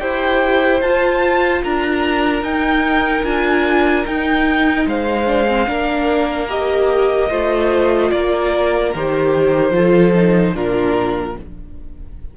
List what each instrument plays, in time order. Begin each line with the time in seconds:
0.00 cello E4, viola G4, violin C5 G5
0.82 cello F4, viola F4, violin A5
1.63 cello D4, violin A#4 A#5
2.43 cello D#4, viola D#4, violin G5
3.24 cello D4, viola F4, violin G#5
4.06 viola D#4, cello D#4, violin G5
4.86 cello G#3, violin C5 F5
5.27 viola D4
5.48 viola C4
5.67 cello A#3, viola D4, violin A#4
6.49 viola G4, violin D#5
7.30 cello A3, viola F4, violin C5
8.11 cello A#3, violin A#4 D5
8.95 cello D#3, viola G4, violin C5
9.71 cello F3, viola F4, violin A4
10.15 viola D#4
10.55 cello A#2, viola D4, violin F4 A#4